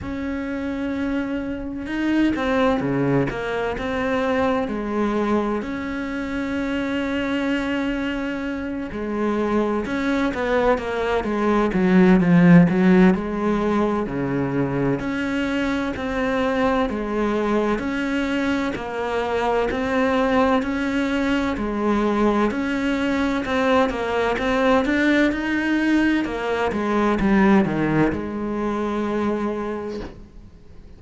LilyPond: \new Staff \with { instrumentName = "cello" } { \time 4/4 \tempo 4 = 64 cis'2 dis'8 c'8 cis8 ais8 | c'4 gis4 cis'2~ | cis'4. gis4 cis'8 b8 ais8 | gis8 fis8 f8 fis8 gis4 cis4 |
cis'4 c'4 gis4 cis'4 | ais4 c'4 cis'4 gis4 | cis'4 c'8 ais8 c'8 d'8 dis'4 | ais8 gis8 g8 dis8 gis2 | }